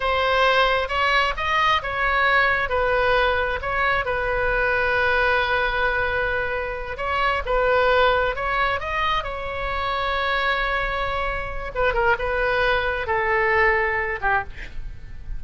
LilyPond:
\new Staff \with { instrumentName = "oboe" } { \time 4/4 \tempo 4 = 133 c''2 cis''4 dis''4 | cis''2 b'2 | cis''4 b'2.~ | b'2.~ b'8 cis''8~ |
cis''8 b'2 cis''4 dis''8~ | dis''8 cis''2.~ cis''8~ | cis''2 b'8 ais'8 b'4~ | b'4 a'2~ a'8 g'8 | }